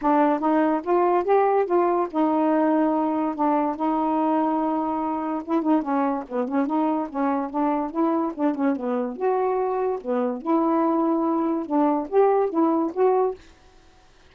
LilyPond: \new Staff \with { instrumentName = "saxophone" } { \time 4/4 \tempo 4 = 144 d'4 dis'4 f'4 g'4 | f'4 dis'2. | d'4 dis'2.~ | dis'4 e'8 dis'8 cis'4 b8 cis'8 |
dis'4 cis'4 d'4 e'4 | d'8 cis'8 b4 fis'2 | b4 e'2. | d'4 g'4 e'4 fis'4 | }